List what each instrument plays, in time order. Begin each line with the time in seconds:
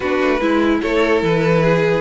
0.00 cello B3, viola D4, violin F#4 B4
0.22 cello A3
0.40 cello G#3, viola E4, violin E4
0.81 cello A3, violin A4 C#5
1.22 cello E3, violin B4
1.63 violin G#4